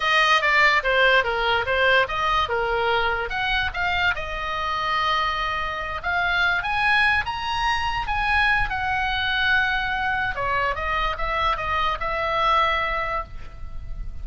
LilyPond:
\new Staff \with { instrumentName = "oboe" } { \time 4/4 \tempo 4 = 145 dis''4 d''4 c''4 ais'4 | c''4 dis''4 ais'2 | fis''4 f''4 dis''2~ | dis''2~ dis''8 f''4. |
gis''4. ais''2 gis''8~ | gis''4 fis''2.~ | fis''4 cis''4 dis''4 e''4 | dis''4 e''2. | }